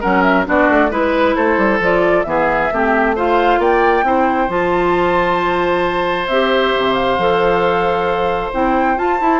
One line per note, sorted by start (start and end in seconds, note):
0.00 0.47 F#3
0.00 0.45 C#4
0.00 0.45 A#4
0.00 0.22 F#5
0.22 0.45 E5
0.45 0.69 B3
0.45 0.89 D4
0.45 0.91 F#4
0.45 0.93 D5
0.69 0.90 A3
0.90 1.35 G#3
0.90 1.79 E4
0.90 1.35 B4
1.35 1.57 A3
1.35 2.25 A4
1.35 1.79 C5
1.57 1.79 G3
1.79 2.24 F3
1.79 2.25 F4
1.79 2.23 D5
2.23 2.70 E3
2.23 2.70 B3
2.23 2.73 G#4
2.23 3.12 E5
2.72 3.58 A3
2.72 3.16 C4
2.72 3.15 G4
3.15 4.04 F4
3.15 3.59 C5
3.15 3.61 F5
3.58 4.03 A#3
3.58 4.04 D5
3.58 4.50 G5
4.03 4.48 C4
4.03 4.49 E4
4.03 9.40 C5
4.49 6.28 F3
4.49 6.28 F4
4.49 6.27 A5
6.27 6.72 C4
6.27 7.18 G4
6.27 6.93 E5
6.77 7.17 C3
6.93 8.49 F5
7.17 8.52 F3
7.17 8.53 A4
8.53 8.97 C4
8.53 8.96 E4
8.53 8.98 G5
8.96 9.19 F4
8.96 9.40 A5
9.20 9.40 E4